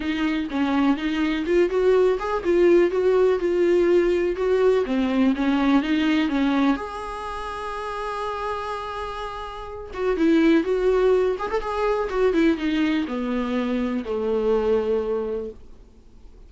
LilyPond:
\new Staff \with { instrumentName = "viola" } { \time 4/4 \tempo 4 = 124 dis'4 cis'4 dis'4 f'8 fis'8~ | fis'8 gis'8 f'4 fis'4 f'4~ | f'4 fis'4 c'4 cis'4 | dis'4 cis'4 gis'2~ |
gis'1~ | gis'8 fis'8 e'4 fis'4. gis'16 a'16 | gis'4 fis'8 e'8 dis'4 b4~ | b4 a2. | }